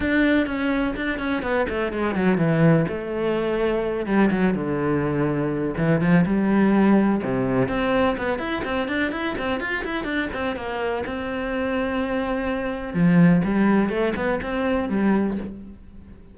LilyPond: \new Staff \with { instrumentName = "cello" } { \time 4/4 \tempo 4 = 125 d'4 cis'4 d'8 cis'8 b8 a8 | gis8 fis8 e4 a2~ | a8 g8 fis8 d2~ d8 | e8 f8 g2 c4 |
c'4 b8 e'8 c'8 d'8 e'8 c'8 | f'8 e'8 d'8 c'8 ais4 c'4~ | c'2. f4 | g4 a8 b8 c'4 g4 | }